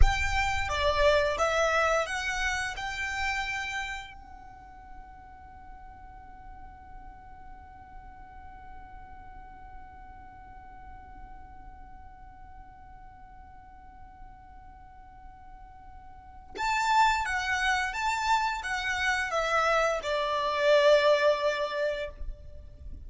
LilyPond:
\new Staff \with { instrumentName = "violin" } { \time 4/4 \tempo 4 = 87 g''4 d''4 e''4 fis''4 | g''2 fis''2~ | fis''1~ | fis''1~ |
fis''1~ | fis''1 | a''4 fis''4 a''4 fis''4 | e''4 d''2. | }